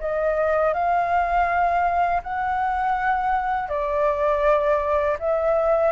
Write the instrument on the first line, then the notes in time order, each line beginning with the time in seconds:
flute
0.00 D#5
0.74 F5
2.23 F#5
3.69 D5
5.19 E5